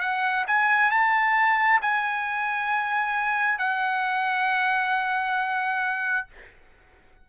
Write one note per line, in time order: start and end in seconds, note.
0.00 0.45 F#5
0.47 0.91 G#5
0.91 1.80 A5
1.82 3.59 G#5
3.59 6.27 F#5